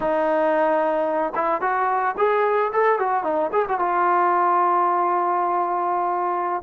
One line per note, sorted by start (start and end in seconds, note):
0.00 1.33 D#4
1.35 1.61 E4
1.61 2.15 F#4
2.17 2.71 G#4
2.72 2.99 A4
2.99 3.23 F#4
3.23 3.50 D#4
3.52 3.65 G#4
3.68 3.79 F#4
3.79 6.62 F4